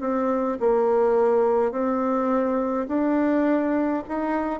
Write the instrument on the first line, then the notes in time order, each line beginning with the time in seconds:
bassoon
0.00 C4
0.60 A#3
1.72 C4
2.88 D4
4.09 D#4